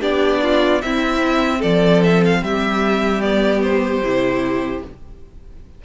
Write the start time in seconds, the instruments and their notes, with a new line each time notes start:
0.00 cello B3, viola D4, violin G4 D5
0.42 violin F4
0.82 viola C4, cello C4, violin E4 E5
1.59 cello F3, violin A4 D5
2.03 violin E5
2.25 violin F5
2.41 cello G3, violin G4 E5
3.21 viola B3, violin D5
3.62 violin C5
4.01 cello C3, viola E4